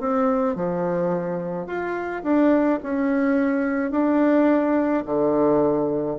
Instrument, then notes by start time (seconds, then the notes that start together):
bassoon
0.00 C4
0.55 F3
1.67 F4
2.23 D4
2.83 C#4
3.91 D4
5.05 D3